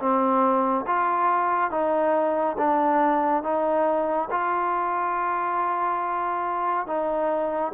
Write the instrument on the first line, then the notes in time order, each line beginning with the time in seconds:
trombone
0.00 C4
0.87 F4
1.71 D#4
2.58 D4
3.43 D#4
4.31 F4
6.87 D#4